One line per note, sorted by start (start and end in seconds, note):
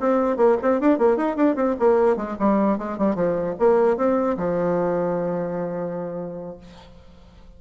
0.00 0.37 C4
0.37 0.57 A#3
0.62 0.81 C4
0.81 0.99 D4
0.99 1.17 A#3
1.17 1.36 D#4
1.36 1.56 D4
1.56 1.76 C4
1.79 2.16 A#3
2.16 2.36 G#3
2.39 2.78 G3
2.78 2.98 G#3
2.98 3.15 G3
3.15 3.55 F3
3.59 3.97 A#3
3.97 4.37 C4
4.37 6.57 F3